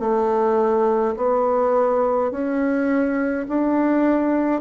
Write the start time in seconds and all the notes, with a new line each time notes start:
0.00 A3
1.17 B3
2.31 C#4
3.49 D4